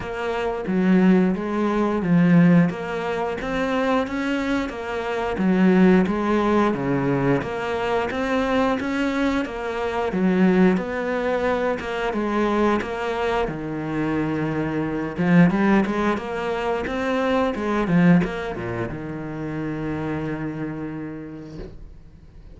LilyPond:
\new Staff \with { instrumentName = "cello" } { \time 4/4 \tempo 4 = 89 ais4 fis4 gis4 f4 | ais4 c'4 cis'4 ais4 | fis4 gis4 cis4 ais4 | c'4 cis'4 ais4 fis4 |
b4. ais8 gis4 ais4 | dis2~ dis8 f8 g8 gis8 | ais4 c'4 gis8 f8 ais8 ais,8 | dis1 | }